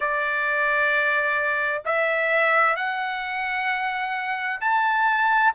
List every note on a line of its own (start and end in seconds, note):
0.00 1.82 D5
1.85 2.76 E5
2.76 4.60 F#5
4.61 5.53 A5